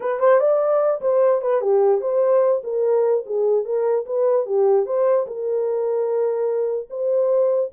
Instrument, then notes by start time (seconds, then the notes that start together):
horn
0.00 B4
0.19 C5
0.40 D5
1.01 C5
1.41 B4
1.61 G4
2.01 C5
2.63 A#4
3.25 G#4
3.64 A#4
4.06 B4
4.45 G4
4.86 C5
5.26 A#4
6.89 C5